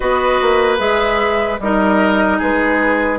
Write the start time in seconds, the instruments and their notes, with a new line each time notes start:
0.00 bassoon B3, clarinet F#4, oboe B4, flute D#5
0.41 bassoon A#3
0.77 bassoon G#3, clarinet G#4, flute E5
1.59 bassoon G3, clarinet D#4, oboe A#4, flute D#5
2.38 bassoon G#3, oboe G#4, flute B4